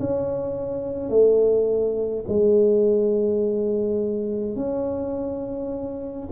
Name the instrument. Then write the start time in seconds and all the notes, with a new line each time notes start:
tuba
0.00 C#4
1.10 A3
2.28 G#3
4.56 C#4